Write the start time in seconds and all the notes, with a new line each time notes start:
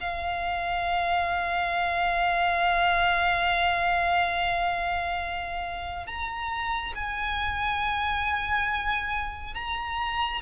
0.00 F5
6.06 A#5
6.95 G#5
9.54 A#5